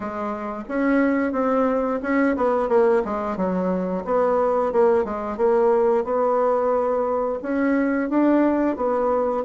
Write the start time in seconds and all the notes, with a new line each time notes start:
0.00 G#3
0.68 C#4
1.32 C4
2.02 C#4
2.36 B3
2.68 A#3
3.04 G#3
3.36 F#3
4.04 B3
4.72 A#3
5.04 G#3
5.37 A#3
6.04 B3
7.42 C#4
8.09 D4
8.76 B3